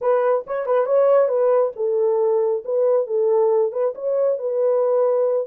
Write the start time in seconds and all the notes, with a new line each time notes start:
0.01 B4
0.46 C#5
0.65 B4
0.86 C#5
1.28 B4
1.76 A4
2.64 B4
3.06 A4
3.71 B4
3.94 C#5
4.38 B4